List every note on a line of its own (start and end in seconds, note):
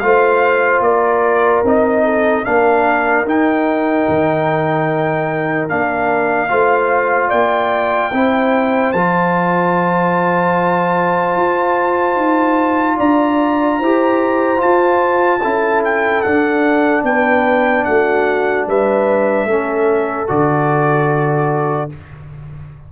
0.00 0.80 A3
0.00 1.65 F4
0.00 0.85 C5
0.00 0.81 F5
0.80 1.61 A#3
0.80 2.05 A#4
0.80 1.64 D5
1.64 2.45 C4
1.64 2.45 D#4
1.64 2.45 D#5
2.05 2.45 A4
2.45 3.25 A#3
2.45 3.26 D4
2.45 6.50 A#4
2.45 3.26 F5
3.25 4.06 D#4
3.25 5.69 D#4
3.25 5.69 G5
4.08 5.71 D#3
5.69 6.52 A#3
5.69 6.49 D4
5.69 7.30 F5
6.49 7.32 A3
6.49 8.11 F4
6.49 7.29 C5
7.29 8.13 A#3
7.29 8.10 D5
7.29 8.92 G5
8.13 8.93 C4
8.13 8.95 E4
8.13 12.97 C5
8.92 11.36 F3
8.92 13.83 F4
8.92 12.98 A5
11.36 12.16 F4
12.16 12.97 D#4
12.97 13.80 D4
12.97 13.78 D5
12.97 14.61 A#5
13.79 14.61 E4
13.79 14.58 G4
13.79 15.41 C5
14.58 15.39 F4
14.58 15.44 F4
14.58 15.83 A5
15.41 16.26 C#4
15.41 16.24 E4
15.41 17.03 A4
15.85 16.22 G5
16.22 19.49 D4
16.22 17.04 D4
16.22 17.03 F#5
17.04 17.85 B3
17.04 17.86 B4
17.04 17.84 G5
17.84 18.68 A3
17.84 18.68 F#4
17.84 18.66 F#5
18.68 19.45 G3
18.68 19.49 B4
18.68 20.29 E5
19.45 20.26 A3
19.45 20.27 C#4
19.45 21.92 A4
20.27 21.92 D3
20.27 21.90 F#4
20.27 21.91 D5